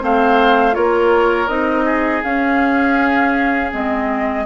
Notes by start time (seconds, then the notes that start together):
0.00 A3 C4 C5 F5
0.72 A#3 F4 A#4 C#5
1.48 C4 D#4 D#5
1.85 G#4
2.23 C#4 F5
3.72 G#3 C4 D#5